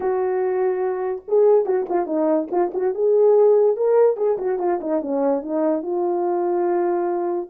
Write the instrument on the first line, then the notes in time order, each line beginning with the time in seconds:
horn
0.00 F#4
1.28 G#4
1.65 F#4
1.89 F4
2.06 D#4
2.51 F4
2.73 F#4
2.94 G#4
3.76 A#4
4.16 G#4
4.37 F#4
4.59 F4
4.80 D#4
5.01 C#4
5.42 D#4
5.82 F4